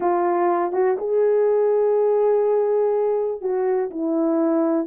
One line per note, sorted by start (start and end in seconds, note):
0.00 0.72 F4
0.72 0.96 F#4
0.98 3.41 G#4
3.41 3.89 F#4
3.90 4.86 E4